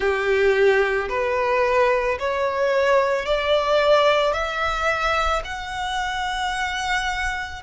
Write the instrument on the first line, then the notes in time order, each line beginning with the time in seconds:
violin
0.00 G4
1.09 B4
2.19 C#5
3.25 D5
4.33 E5
5.44 F#5